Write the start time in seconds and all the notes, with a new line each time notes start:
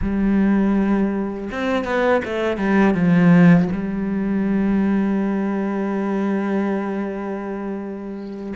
0.01 G3
1.51 C4
1.84 B3
2.24 A3
2.57 G3
2.94 F3
3.72 G3